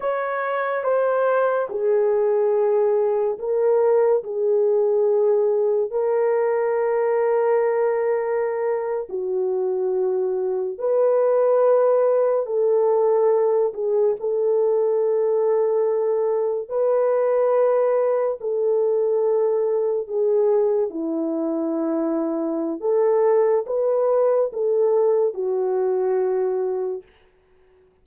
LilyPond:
\new Staff \with { instrumentName = "horn" } { \time 4/4 \tempo 4 = 71 cis''4 c''4 gis'2 | ais'4 gis'2 ais'4~ | ais'2~ ais'8. fis'4~ fis'16~ | fis'8. b'2 a'4~ a'16~ |
a'16 gis'8 a'2. b'16~ | b'4.~ b'16 a'2 gis'16~ | gis'8. e'2~ e'16 a'4 | b'4 a'4 fis'2 | }